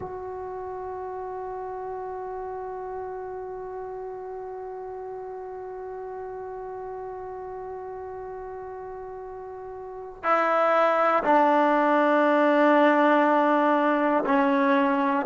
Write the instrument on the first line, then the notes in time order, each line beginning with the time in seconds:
trombone
0.00 F#4
10.23 E4
11.23 D4
14.25 C#4